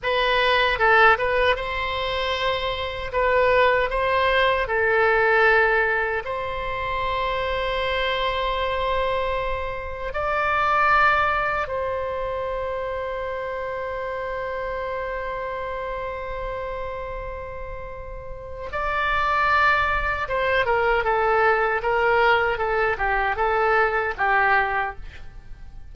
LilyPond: \new Staff \with { instrumentName = "oboe" } { \time 4/4 \tempo 4 = 77 b'4 a'8 b'8 c''2 | b'4 c''4 a'2 | c''1~ | c''4 d''2 c''4~ |
c''1~ | c''1 | d''2 c''8 ais'8 a'4 | ais'4 a'8 g'8 a'4 g'4 | }